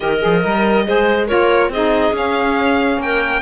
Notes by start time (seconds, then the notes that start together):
0.00 D#3 G4 A#4 D#5
0.20 F3 G#4
0.42 G3 A#4
0.85 G#3 G#4 C5
1.27 F4 A#4 C#5
1.33 A#3
1.68 C4 D#4 G#4 D#5
2.12 C#4 F5
2.97 A#3 A#4 G5